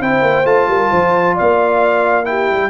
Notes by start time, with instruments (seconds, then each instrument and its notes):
0.00 tuba C4, trombone E4, horn C5, trumpet G5
0.22 tuba A#3
0.45 tuba A3, trombone F4, trumpet A5
0.68 tuba G3, horn A#4
0.90 tuba F3, horn C5
1.35 tuba A#3, horn D5, trumpet F5
2.25 trombone E4, horn G4, trumpet G5
2.51 tuba G3